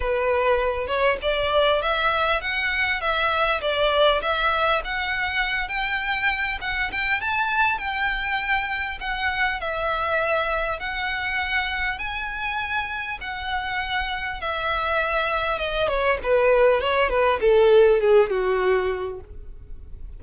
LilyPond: \new Staff \with { instrumentName = "violin" } { \time 4/4 \tempo 4 = 100 b'4. cis''8 d''4 e''4 | fis''4 e''4 d''4 e''4 | fis''4. g''4. fis''8 g''8 | a''4 g''2 fis''4 |
e''2 fis''2 | gis''2 fis''2 | e''2 dis''8 cis''8 b'4 | cis''8 b'8 a'4 gis'8 fis'4. | }